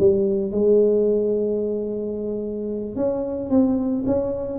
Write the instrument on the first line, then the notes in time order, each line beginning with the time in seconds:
tuba
0.00 G3
0.52 G#3
2.96 C#4
3.50 C4
4.07 C#4